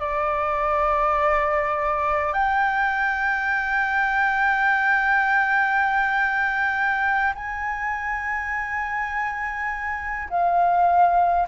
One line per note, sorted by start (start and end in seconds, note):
0.00 2.33 D5
2.33 7.33 G5
7.35 10.29 G#5
10.30 11.48 F5